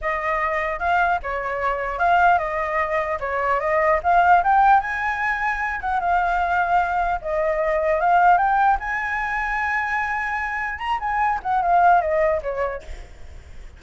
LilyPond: \new Staff \with { instrumentName = "flute" } { \time 4/4 \tempo 4 = 150 dis''2 f''4 cis''4~ | cis''4 f''4 dis''2 | cis''4 dis''4 f''4 g''4 | gis''2~ gis''8 fis''8 f''4~ |
f''2 dis''2 | f''4 g''4 gis''2~ | gis''2. ais''8 gis''8~ | gis''8 fis''8 f''4 dis''4 cis''4 | }